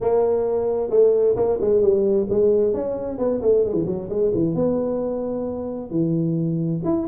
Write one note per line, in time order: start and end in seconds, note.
0.00 0.90 A#3
0.90 1.35 A3
1.36 1.58 A#3
1.61 1.81 G#3
1.81 2.27 G3
2.29 2.73 G#3
2.73 3.18 C#4
3.18 3.41 B3
3.41 3.64 A3
3.64 3.73 G#3
3.73 3.84 E3
3.86 4.08 F#3
4.09 4.31 G#3
4.34 4.54 E3
4.54 5.90 B3
5.90 6.81 E3
6.84 7.07 E4